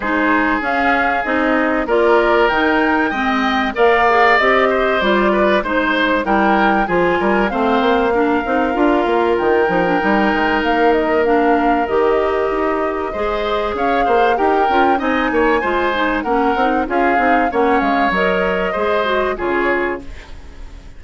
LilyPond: <<
  \new Staff \with { instrumentName = "flute" } { \time 4/4 \tempo 4 = 96 c''4 f''4 dis''4 d''4 | g''2 f''4 dis''4 | d''4 c''4 g''4 gis''4 | f''2. g''4~ |
g''4 f''8 dis''8 f''4 dis''4~ | dis''2 f''4 g''4 | gis''2 fis''4 f''4 | fis''8 f''8 dis''2 cis''4 | }
  \new Staff \with { instrumentName = "oboe" } { \time 4/4 gis'2. ais'4~ | ais'4 dis''4 d''4. c''8~ | c''8 b'8 c''4 ais'4 gis'8 ais'8 | c''4 ais'2.~ |
ais'1~ | ais'4 c''4 cis''8 c''8 ais'4 | dis''8 cis''8 c''4 ais'4 gis'4 | cis''2 c''4 gis'4 | }
  \new Staff \with { instrumentName = "clarinet" } { \time 4/4 dis'4 cis'4 dis'4 f'4 | dis'4 c'4 ais'8 gis'8 g'4 | f'4 dis'4 e'4 f'4 | c'4 d'8 dis'8 f'4. dis'16 d'16 |
dis'2 d'4 g'4~ | g'4 gis'2 g'8 f'8 | dis'4 f'8 dis'8 cis'8 dis'8 f'8 dis'8 | cis'4 ais'4 gis'8 fis'8 f'4 | }
  \new Staff \with { instrumentName = "bassoon" } { \time 4/4 gis4 cis'4 c'4 ais4 | dis4 gis4 ais4 c'4 | g4 gis4 g4 f8 g8 | a8 ais4 c'8 d'8 ais8 dis8 f8 |
g8 gis8 ais2 dis4 | dis'4 gis4 cis'8 ais8 dis'8 cis'8 | c'8 ais8 gis4 ais8 c'8 cis'8 c'8 | ais8 gis8 fis4 gis4 cis4 | }
>>